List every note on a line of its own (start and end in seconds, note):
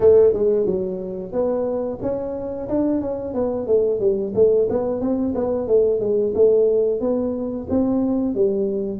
0.00 0.33 A3
0.33 0.66 G#3
0.66 1.32 F#3
1.32 1.98 B3
2.02 2.68 C#4
2.68 3.01 D4
3.01 3.34 C#4
3.34 3.67 B3
3.67 4.00 A3
4.00 4.33 G3
4.35 4.68 A3
4.69 5.00 B3
5.00 5.34 C4
5.34 5.67 B3
5.67 6.00 A3
6.00 6.33 G#3
6.34 7.00 A3
7.00 7.67 B3
7.69 8.35 C4
8.35 8.99 G3